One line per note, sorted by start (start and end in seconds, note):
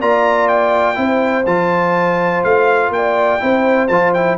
0.00 0.97 A#3
0.00 0.95 F4
0.00 0.98 D5
0.00 0.48 A#5
0.48 1.46 G5
0.95 1.46 C4
0.95 1.44 E4
0.95 2.95 C5
1.46 2.44 F3
1.46 3.40 F4
1.46 2.44 A5
2.44 2.90 A3
2.44 2.93 F5
2.90 3.39 A#3
2.90 3.88 G5
2.96 3.43 D5
3.40 3.89 C4
3.40 3.89 E4
3.40 4.38 C5
3.88 4.38 F3
3.88 4.16 F4
3.88 4.12 A5
4.14 4.38 E4
4.14 4.38 G5